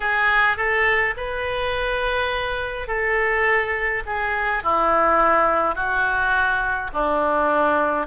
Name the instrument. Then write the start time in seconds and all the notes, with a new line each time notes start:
oboe
0.00 G#4
0.57 A4
1.16 B4
2.87 A4
4.06 G#4
4.63 E4
5.75 F#4
6.93 D4